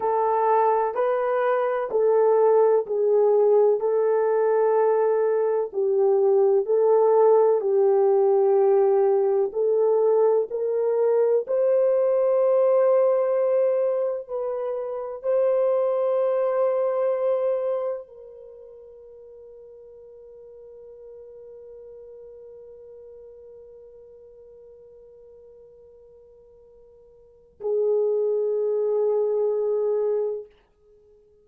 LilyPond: \new Staff \with { instrumentName = "horn" } { \time 4/4 \tempo 4 = 63 a'4 b'4 a'4 gis'4 | a'2 g'4 a'4 | g'2 a'4 ais'4 | c''2. b'4 |
c''2. ais'4~ | ais'1~ | ais'1~ | ais'4 gis'2. | }